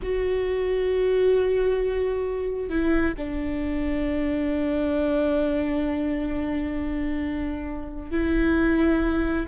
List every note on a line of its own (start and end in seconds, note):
0.02 2.69 F#4
2.69 3.14 E4
3.17 8.11 D4
8.11 9.46 E4